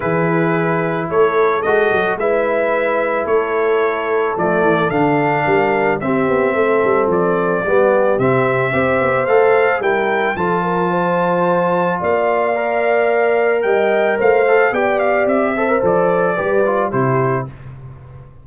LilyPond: <<
  \new Staff \with { instrumentName = "trumpet" } { \time 4/4 \tempo 4 = 110 b'2 cis''4 dis''4 | e''2 cis''2 | d''4 f''2 e''4~ | e''4 d''2 e''4~ |
e''4 f''4 g''4 a''4~ | a''2 f''2~ | f''4 g''4 f''4 g''8 f''8 | e''4 d''2 c''4 | }
  \new Staff \with { instrumentName = "horn" } { \time 4/4 gis'2 a'2 | b'2 a'2~ | a'2 ais'4 g'4 | a'2 g'2 |
c''2 ais'4 a'8 ais'8 | c''2 d''2~ | d''4 dis''4 c''4 d''4~ | d''8 c''4. b'4 g'4 | }
  \new Staff \with { instrumentName = "trombone" } { \time 4/4 e'2. fis'4 | e'1 | a4 d'2 c'4~ | c'2 b4 c'4 |
g'4 a'4 e'4 f'4~ | f'2. ais'4~ | ais'2~ ais'8 a'8 g'4~ | g'8 a'16 ais'16 a'4 g'8 f'8 e'4 | }
  \new Staff \with { instrumentName = "tuba" } { \time 4/4 e2 a4 gis8 fis8 | gis2 a2 | f8 e8 d4 g4 c'8 b8 | a8 g8 f4 g4 c4 |
c'8 b8 a4 g4 f4~ | f2 ais2~ | ais4 g4 a4 b4 | c'4 f4 g4 c4 | }
>>